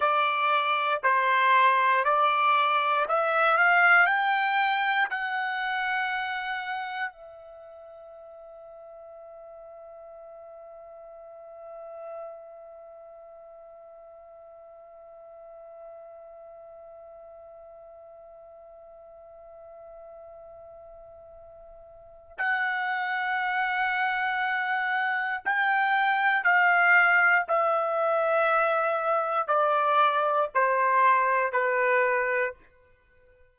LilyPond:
\new Staff \with { instrumentName = "trumpet" } { \time 4/4 \tempo 4 = 59 d''4 c''4 d''4 e''8 f''8 | g''4 fis''2 e''4~ | e''1~ | e''1~ |
e''1~ | e''2 fis''2~ | fis''4 g''4 f''4 e''4~ | e''4 d''4 c''4 b'4 | }